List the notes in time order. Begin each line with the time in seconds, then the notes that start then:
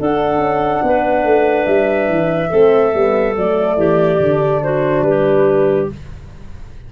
0.00 D4 A4 F#5
0.38 C#4
0.83 B3 B4
1.24 A3
1.66 G3 E5
2.09 E3
2.50 A3 C4 A4
2.93 G3 B3
3.37 F#3 A3 D5
3.77 E3 G4
4.20 D3 D4
4.63 F#4 C5
5.02 G3 G4 B4